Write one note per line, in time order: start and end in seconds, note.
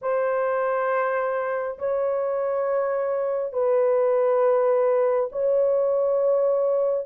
0.01 1.78 C5
1.78 3.53 C#5
3.53 5.29 B4
5.32 7.06 C#5